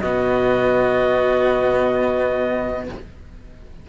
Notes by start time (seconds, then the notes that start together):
0.00 B2 B3 F#4 D#5